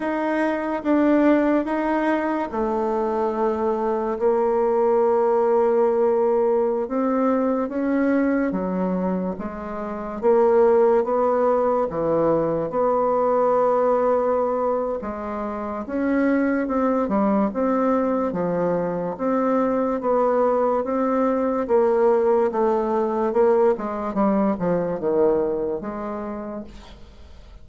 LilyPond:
\new Staff \with { instrumentName = "bassoon" } { \time 4/4 \tempo 4 = 72 dis'4 d'4 dis'4 a4~ | a4 ais2.~ | ais16 c'4 cis'4 fis4 gis8.~ | gis16 ais4 b4 e4 b8.~ |
b2 gis4 cis'4 | c'8 g8 c'4 f4 c'4 | b4 c'4 ais4 a4 | ais8 gis8 g8 f8 dis4 gis4 | }